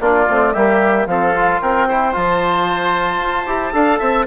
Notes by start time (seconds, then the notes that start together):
0.00 A#3 D4 F4 D5
0.28 A3 C4
0.53 G3 A#3 G4 E5
1.06 F3 C4 A4 F5
1.35 F4
1.61 C4 A#4 G5
1.88 E4 C5
2.12 F3 F4 A5
3.20 F4
3.46 E4 G4
3.72 D4 A4 F5
3.99 C4 E5